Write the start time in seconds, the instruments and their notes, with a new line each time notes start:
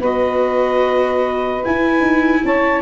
0.00 tuba B3, viola F#4, saxophone B4, clarinet D#5
1.64 viola E4, tuba E4, clarinet G#5
2.00 tuba D#4
2.45 tuba C#4, saxophone C#5, clarinet A5